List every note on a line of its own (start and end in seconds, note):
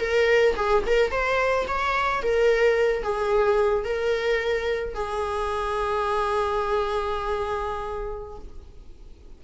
0.00 0.55 A#4
0.56 0.83 G#4
0.86 1.11 A#4
1.11 1.66 C5
1.67 2.22 C#5
2.22 3.03 A#4
3.03 3.84 G#4
3.84 4.94 A#4
4.94 8.38 G#4